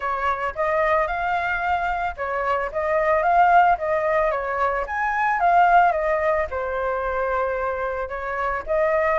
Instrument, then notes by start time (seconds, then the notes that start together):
flute
0.00 C#5
0.55 D#5
1.07 F5
2.16 C#5
2.72 D#5
3.23 F5
3.77 D#5
4.31 C#5
4.86 G#5
5.40 F5
5.92 D#5
6.50 C5
8.08 C#5
8.66 D#5